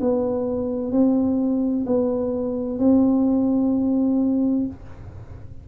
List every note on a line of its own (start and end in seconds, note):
0.00 0.91 B3
0.91 1.85 C4
1.86 2.79 B3
2.79 4.66 C4